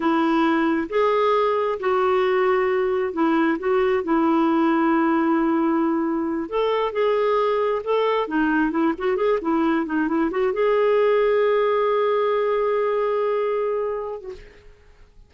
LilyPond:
\new Staff \with { instrumentName = "clarinet" } { \time 4/4 \tempo 4 = 134 e'2 gis'2 | fis'2. e'4 | fis'4 e'2.~ | e'2~ e'8 a'4 gis'8~ |
gis'4. a'4 dis'4 e'8 | fis'8 gis'8 e'4 dis'8 e'8 fis'8 gis'8~ | gis'1~ | gis'2.~ gis'8. fis'16 | }